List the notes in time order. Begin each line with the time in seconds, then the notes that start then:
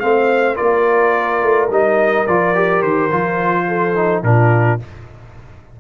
0.00 A3 C4 C5 F5
0.56 A#3 F4 A#4 D5
1.43 A3
1.70 G3 D#4 D#5
2.27 F3 F4 D5
2.55 G4
2.82 D#3 C5
3.12 F3 F4
3.68 A4
3.96 D#4
4.23 A#2 D4 F4 A#4